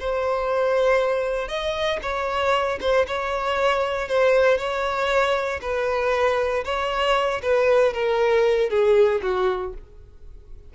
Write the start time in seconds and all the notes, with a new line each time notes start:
0.00 C5
1.48 D#5
2.02 C#5
2.81 C5
3.07 C#5
4.08 C5
4.58 C#5
5.62 B4
6.65 C#5
7.43 B4
7.94 A#4
8.70 G#4
9.23 F#4